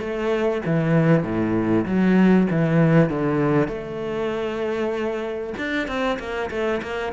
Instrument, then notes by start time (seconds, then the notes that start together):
cello
0.00 A3
0.66 E3
1.23 A2
1.86 F#3
2.51 E3
3.10 D3
3.68 A3
5.58 D4
5.88 C4
6.20 A#3
6.51 A3
6.83 A#3